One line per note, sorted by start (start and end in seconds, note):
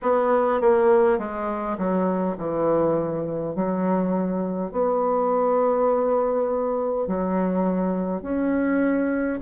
0.02 0.60 B3
0.60 1.18 A#3
1.18 1.77 G#3
1.78 2.36 F#3
2.37 3.55 E3
3.55 4.71 F#3
4.71 7.06 B3
7.06 8.21 F#3
8.21 9.39 C#4